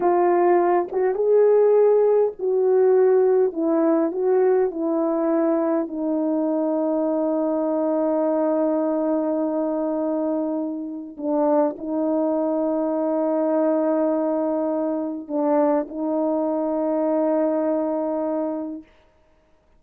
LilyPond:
\new Staff \with { instrumentName = "horn" } { \time 4/4 \tempo 4 = 102 f'4. fis'8 gis'2 | fis'2 e'4 fis'4 | e'2 dis'2~ | dis'1~ |
dis'2. d'4 | dis'1~ | dis'2 d'4 dis'4~ | dis'1 | }